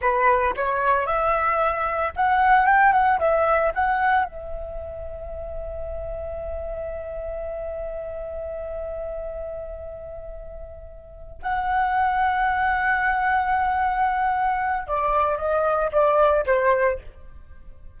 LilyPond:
\new Staff \with { instrumentName = "flute" } { \time 4/4 \tempo 4 = 113 b'4 cis''4 e''2 | fis''4 g''8 fis''8 e''4 fis''4 | e''1~ | e''1~ |
e''1~ | e''4. fis''2~ fis''8~ | fis''1 | d''4 dis''4 d''4 c''4 | }